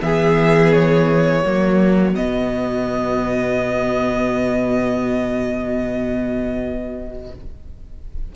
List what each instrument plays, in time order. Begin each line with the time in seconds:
0.00 cello E3, viola B3, violin G#4 E5
0.72 violin C#5
1.42 cello F#3, viola A#3, violin F#4
2.14 cello B2, viola B3, violin D#5